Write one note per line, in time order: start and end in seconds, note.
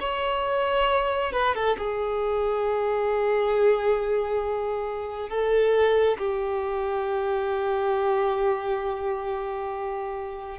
0.00 1.32 C#5
1.33 1.55 B4
1.55 1.77 A4
1.77 5.29 G#4
5.29 6.18 A4
6.18 10.58 G4